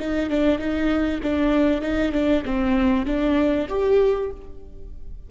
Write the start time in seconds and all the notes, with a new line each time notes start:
0.00 D#4
0.30 D4
0.59 D#4
1.23 D4
1.82 D#4
2.13 D4
2.45 C4
3.06 D4
3.69 G4